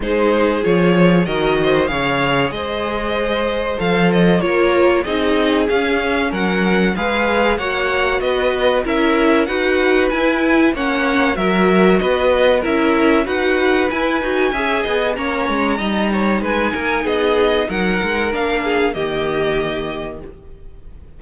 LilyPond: <<
  \new Staff \with { instrumentName = "violin" } { \time 4/4 \tempo 4 = 95 c''4 cis''4 dis''4 f''4 | dis''2 f''8 dis''8 cis''4 | dis''4 f''4 fis''4 f''4 | fis''4 dis''4 e''4 fis''4 |
gis''4 fis''4 e''4 dis''4 | e''4 fis''4 gis''2 | ais''2 gis''4 dis''4 | fis''4 f''4 dis''2 | }
  \new Staff \with { instrumentName = "violin" } { \time 4/4 gis'2 ais'8 c''8 cis''4 | c''2. ais'4 | gis'2 ais'4 b'4 | cis''4 b'4 ais'4 b'4~ |
b'4 cis''4 ais'4 b'4 | ais'4 b'2 e''8 dis''8 | cis''4 dis''8 cis''8 b'8 ais'8 gis'4 | ais'4. gis'8 g'2 | }
  \new Staff \with { instrumentName = "viola" } { \time 4/4 dis'4 f'4 fis'4 gis'4~ | gis'2 a'4 f'4 | dis'4 cis'2 gis'4 | fis'2 e'4 fis'4 |
e'4 cis'4 fis'2 | e'4 fis'4 e'8 fis'8 gis'4 | cis'4 dis'2.~ | dis'4 d'4 ais2 | }
  \new Staff \with { instrumentName = "cello" } { \time 4/4 gis4 f4 dis4 cis4 | gis2 f4 ais4 | c'4 cis'4 fis4 gis4 | ais4 b4 cis'4 dis'4 |
e'4 ais4 fis4 b4 | cis'4 dis'4 e'8 dis'8 cis'8 b8 | ais8 gis8 g4 gis8 ais8 b4 | fis8 gis8 ais4 dis2 | }
>>